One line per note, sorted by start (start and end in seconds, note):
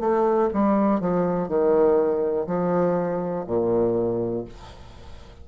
0.00 0.50 A3
0.54 1.01 G3
1.01 1.48 F3
1.48 2.47 D#3
2.47 3.46 F3
3.47 4.45 A#2